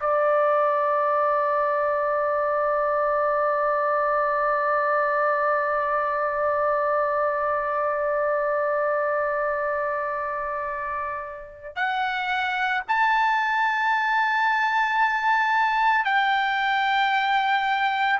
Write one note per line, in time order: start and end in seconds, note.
0.00 11.76 D5
11.76 12.83 F#5
12.88 16.05 A5
16.05 18.19 G5